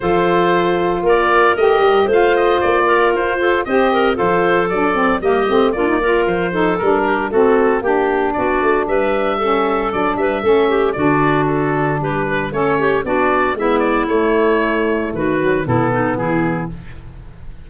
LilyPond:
<<
  \new Staff \with { instrumentName = "oboe" } { \time 4/4 \tempo 4 = 115 c''2 d''4 dis''4 | f''8 dis''8 d''4 c''4 dis''4 | c''4 d''4 dis''4 d''4 | c''4 ais'4 a'4 g'4 |
d''4 e''2 d''8 e''8~ | e''4 d''4 a'4 b'4 | cis''4 d''4 e''8 d''8 cis''4~ | cis''4 b'4 a'4 gis'4 | }
  \new Staff \with { instrumentName = "clarinet" } { \time 4/4 a'2 ais'2 | c''4. ais'4 a'8 c''8 ais'8 | a'2 g'4 f'8 ais'8~ | ais'8 a'4 g'8 fis'4 g'4 |
fis'4 b'4 a'4. b'8 | a'8 g'8 fis'2 g'8 b'8 | a'8 g'8 fis'4 e'2~ | e'4 fis'4 e'8 dis'8 e'4 | }
  \new Staff \with { instrumentName = "saxophone" } { \time 4/4 f'2. g'4 | f'2. g'4 | f'4 d'8 c'8 ais8 c'8 d'16 dis'16 f'8~ | f'8 dis'8 d'4 c'4 d'4~ |
d'2 cis'4 d'4 | cis'4 d'2. | cis'4 d'4 b4 a4~ | a4. fis8 b2 | }
  \new Staff \with { instrumentName = "tuba" } { \time 4/4 f2 ais4 a8 g8 | a4 ais4 f'4 c'4 | f4 fis4 g8 a8 ais4 | f4 g4 a4 ais4 |
b8 a8 g2 fis8 g8 | a4 d2 g4 | a4 b4 gis4 a4~ | a4 dis4 b,4 e4 | }
>>